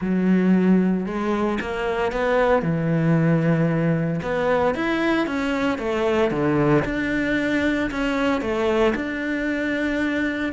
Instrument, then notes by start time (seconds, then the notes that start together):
cello
0.01 F#3
1.06 G#3
1.61 A#3
2.11 B3
2.62 E3
4.22 B3
4.74 E4
5.26 C#4
5.78 A3
6.31 D3
6.84 D4
7.90 C#4
8.41 A3
8.95 D4